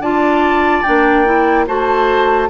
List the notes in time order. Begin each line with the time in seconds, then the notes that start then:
0.00 D4 F4 D5 A5
0.83 A#3 D4 G5
1.26 E4
1.66 A3 F#4 C5 A5